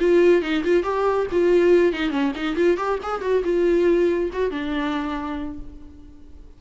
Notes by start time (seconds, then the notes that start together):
0.00 F4
0.42 D#4
0.65 F4
0.84 G4
1.32 F4
1.93 D#4
2.11 C#4
2.36 D#4
2.57 F4
2.78 G4
3.03 G#4
3.22 F#4
3.44 F4
4.33 F#4
4.51 D4